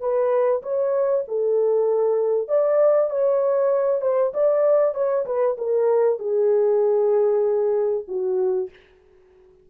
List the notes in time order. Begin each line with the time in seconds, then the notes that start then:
0.00 B4
0.62 C#5
1.27 A4
2.48 D5
3.10 C#5
4.01 C5
4.34 D5
4.94 C#5
5.25 B4
5.58 A#4
6.19 G#4
8.07 F#4